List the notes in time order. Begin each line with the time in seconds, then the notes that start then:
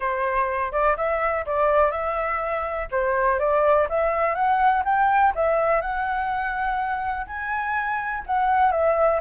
0.00 C5
0.72 D5
0.97 E5
1.46 D5
1.91 E5
2.91 C5
3.39 D5
3.89 E5
4.34 F#5
4.85 G5
5.35 E5
5.81 F#5
7.26 G#5
8.26 F#5
8.71 E5